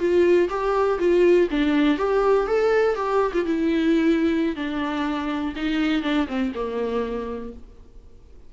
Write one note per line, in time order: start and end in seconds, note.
0.00 0.49 F4
0.50 0.99 G4
0.99 1.48 F4
1.51 1.98 D4
1.98 2.47 G4
2.47 2.96 A4
2.96 3.32 G4
3.34 3.46 F4
3.46 4.56 E4
4.56 5.55 D4
5.56 6.03 D#4
6.03 6.27 D4
6.28 6.53 C4
6.55 7.53 A#3